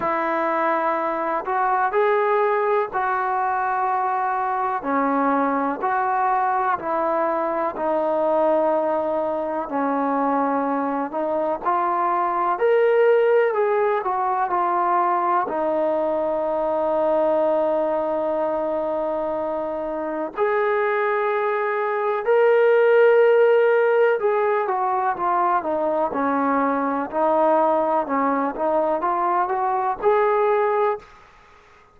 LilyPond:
\new Staff \with { instrumentName = "trombone" } { \time 4/4 \tempo 4 = 62 e'4. fis'8 gis'4 fis'4~ | fis'4 cis'4 fis'4 e'4 | dis'2 cis'4. dis'8 | f'4 ais'4 gis'8 fis'8 f'4 |
dis'1~ | dis'4 gis'2 ais'4~ | ais'4 gis'8 fis'8 f'8 dis'8 cis'4 | dis'4 cis'8 dis'8 f'8 fis'8 gis'4 | }